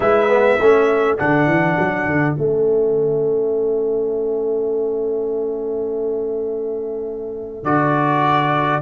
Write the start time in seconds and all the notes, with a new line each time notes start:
0.00 G#3 E4 B4 E5
0.29 B3
0.56 A3 C#4 A4
1.18 D3 D4 F#5
1.46 E3
1.78 F#3
2.06 D3
2.35 A3 C#4 E5
7.63 D3 F#4 D5